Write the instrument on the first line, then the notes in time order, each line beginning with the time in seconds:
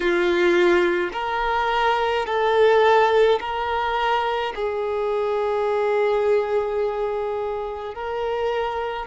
violin
0.00 F4
1.13 A#4
2.25 A4
3.40 A#4
4.55 G#4
7.94 A#4